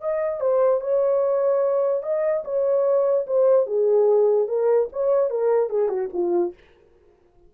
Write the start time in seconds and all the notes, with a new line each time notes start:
0.00 D#5
0.40 C5
0.81 C#5
2.02 D#5
2.44 C#5
3.27 C5
3.66 G#4
4.47 A#4
4.92 C#5
5.29 A#4
5.69 G#4
5.88 F#4
6.13 F4